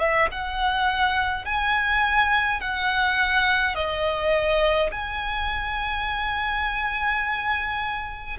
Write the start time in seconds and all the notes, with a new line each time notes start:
0.00 E5
0.31 F#5
1.45 G#5
2.61 F#5
3.75 D#5
4.92 G#5